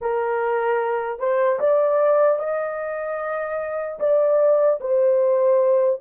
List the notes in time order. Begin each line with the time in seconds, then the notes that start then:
0.01 A#4
1.19 C5
1.59 D5
2.39 D#5
3.99 D5
4.80 C5